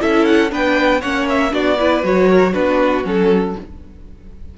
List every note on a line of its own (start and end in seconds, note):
0.00 0.52 C#4
0.00 0.50 E4
0.00 0.51 A4
0.00 0.25 E5
0.25 0.50 F#5
0.50 1.03 B3
0.50 1.01 D4
0.50 1.01 B4
0.50 1.01 G5
1.01 1.53 A#3
1.01 1.51 C#4
1.01 1.51 C#5
1.01 1.27 F#5
1.29 1.54 E5
1.51 2.03 B3
1.51 1.76 D4
1.51 1.79 F#4
1.51 2.04 D5
1.79 2.03 E4
1.79 2.29 B4
2.03 2.54 F#3
2.03 2.53 F#4
2.03 2.53 C#5
2.29 2.52 A#4
2.52 3.05 B3
2.52 3.04 D4
2.52 3.54 F#4
2.52 3.04 B4
3.04 3.55 F#3
3.04 3.55 C#4
3.04 3.58 A4